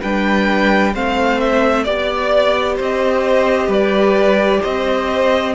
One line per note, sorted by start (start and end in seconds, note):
0.00 0.95 G3
0.00 0.94 D4
0.00 0.92 B4
0.00 0.94 G5
0.93 1.87 A3
0.93 1.85 C4
0.93 1.83 C5
0.93 1.40 F5
1.40 1.83 E5
1.83 2.79 B3
1.83 5.54 G4
1.83 2.75 D5
1.83 2.76 D5
2.76 3.67 C4
2.76 3.67 C5
2.76 3.72 D#5
3.67 4.60 G3
3.67 4.59 B4
3.67 4.62 D5
4.61 5.54 C4
4.61 5.53 C5
4.61 5.54 D#5